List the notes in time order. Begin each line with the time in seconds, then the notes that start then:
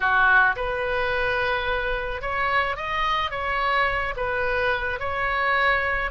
0.00 F#4
0.56 B4
2.21 C#5
2.76 D#5
3.31 C#5
4.16 B4
4.99 C#5